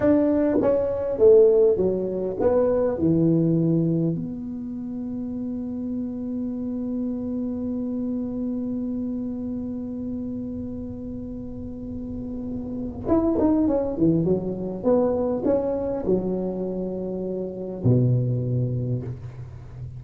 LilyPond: \new Staff \with { instrumentName = "tuba" } { \time 4/4 \tempo 4 = 101 d'4 cis'4 a4 fis4 | b4 e2 b4~ | b1~ | b1~ |
b1~ | b2 e'8 dis'8 cis'8 e8 | fis4 b4 cis'4 fis4~ | fis2 b,2 | }